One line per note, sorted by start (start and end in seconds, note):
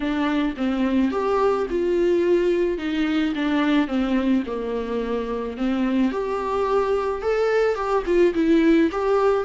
0.00 0.54 D4
0.56 1.11 C4
1.11 1.66 G4
1.70 2.78 F4
2.78 3.33 D#4
3.35 3.87 D4
3.87 4.43 C4
4.46 5.57 A#3
5.57 6.11 C4
6.11 7.22 G4
7.22 7.75 A4
7.75 8.03 G4
8.06 8.33 F4
8.34 8.89 E4
8.91 9.44 G4